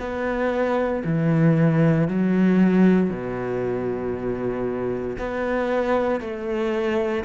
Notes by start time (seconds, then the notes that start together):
0.00 B3
1.04 E3
2.08 F#3
3.10 B2
5.19 B3
6.21 A3